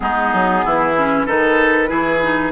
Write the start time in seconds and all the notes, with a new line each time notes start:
0.00 G#3 B3 D#4 G#4
0.33 F#3
0.64 E3 E4
0.97 C#4
1.25 D#3 D#4 A4 B4
1.87 E3 E4 G#4
2.22 D#4